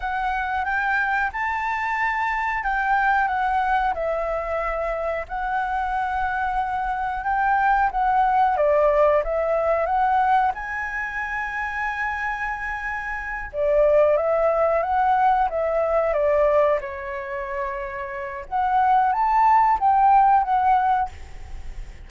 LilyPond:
\new Staff \with { instrumentName = "flute" } { \time 4/4 \tempo 4 = 91 fis''4 g''4 a''2 | g''4 fis''4 e''2 | fis''2. g''4 | fis''4 d''4 e''4 fis''4 |
gis''1~ | gis''8 d''4 e''4 fis''4 e''8~ | e''8 d''4 cis''2~ cis''8 | fis''4 a''4 g''4 fis''4 | }